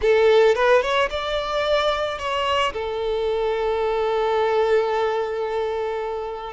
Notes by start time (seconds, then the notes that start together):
0.01 A4
0.55 B4
0.82 C#5
1.09 D5
2.18 C#5
2.73 A4